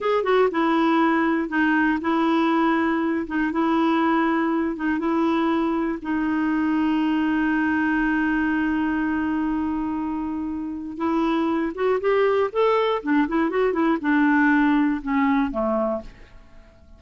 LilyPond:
\new Staff \with { instrumentName = "clarinet" } { \time 4/4 \tempo 4 = 120 gis'8 fis'8 e'2 dis'4 | e'2~ e'8 dis'8 e'4~ | e'4. dis'8 e'2 | dis'1~ |
dis'1~ | dis'2 e'4. fis'8 | g'4 a'4 d'8 e'8 fis'8 e'8 | d'2 cis'4 a4 | }